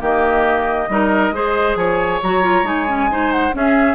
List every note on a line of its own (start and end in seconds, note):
0.00 0.88 D#3
0.00 0.89 A#3
0.00 0.88 G4
0.00 1.75 D#5
0.88 1.31 G3
0.88 1.33 D#4
0.88 1.34 A#4
1.31 1.75 G#3
1.31 2.21 G#4
1.31 1.78 C5
1.75 2.19 F3
1.75 3.10 C#5
1.75 2.20 G#5
2.22 2.62 F#3
2.22 2.42 F#4
2.22 2.67 A#5
2.42 2.64 F4
2.62 3.51 G#3
2.62 2.86 D#4
2.62 3.32 G#5
2.87 3.09 C#4
3.10 3.52 D#4
3.10 3.55 C5
3.32 3.54 F#5
3.52 3.95 C#4
3.52 3.95 G#4
3.52 3.95 E5